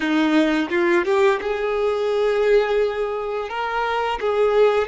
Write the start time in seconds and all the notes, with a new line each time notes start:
0.00 D#4
0.70 F4
1.04 G4
1.41 G#4
3.49 A#4
4.20 G#4